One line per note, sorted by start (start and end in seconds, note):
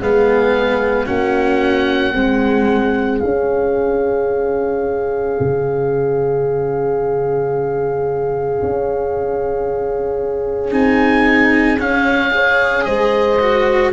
0.00 1.07 G#3
0.00 1.06 B3
0.00 1.06 G#4
0.00 1.06 F5
1.06 2.13 A#3
1.06 2.13 C#4
1.06 2.13 F#4
1.06 3.19 F#5
2.13 3.22 G#3
2.13 3.20 C4
2.13 12.32 G#4
3.19 10.71 C#4
3.19 5.38 C#4
3.19 10.69 F5
5.40 8.61 C#3
8.62 10.72 C#4
10.71 11.77 C4
10.71 11.78 D#4
10.71 11.80 G#5
11.77 12.85 C#4
11.77 12.31 C#4
11.77 12.84 F5
12.31 13.38 G#4
12.31 12.86 C#5
12.84 13.93 G#3
12.84 13.93 C5
12.84 13.91 D#5
13.39 13.93 F#4